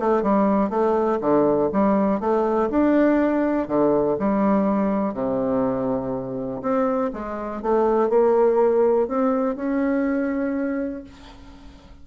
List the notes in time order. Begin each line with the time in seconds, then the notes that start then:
0.00 A3
0.23 G3
0.70 A3
1.21 D3
1.73 G3
2.20 A3
2.71 D4
3.68 D3
4.20 G3
5.14 C3
6.62 C4
7.13 G#3
7.63 A3
8.10 A#3
9.08 C4
9.56 C#4